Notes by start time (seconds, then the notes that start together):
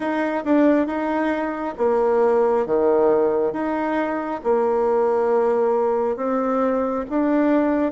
0.00 D#4
0.44 D4
0.86 D#4
1.77 A#3
2.66 D#3
3.52 D#4
4.43 A#3
6.16 C4
7.09 D4